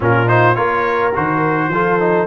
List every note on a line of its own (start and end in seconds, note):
0.00 0.57 A#2
0.00 0.26 C#4
0.00 0.55 F4
0.00 0.28 A#4
0.26 0.55 D#4
0.26 0.55 C5
0.55 1.14 A#3
0.55 1.12 F4
0.55 1.69 A#4
0.55 1.12 C#5
1.14 1.68 D#3
1.14 1.71 F#4
1.14 2.27 C5
1.68 2.25 F3
1.68 1.99 F4
1.68 2.27 A4
1.99 2.27 D#4